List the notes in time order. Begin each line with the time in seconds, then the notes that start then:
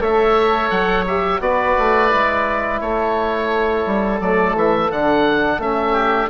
0.00 A3 A4 C#5 E5
0.70 F#3 F#5
1.07 G4 E5
1.40 B3 F#4 B4 D5
1.78 A3
2.09 G#3 E4
2.80 A3 A4 C#5
3.86 G3
4.20 F#3 A3 D5
4.55 E3 E5
4.90 D3 D4 F#5
5.58 A3 C#4 E5
5.92 G4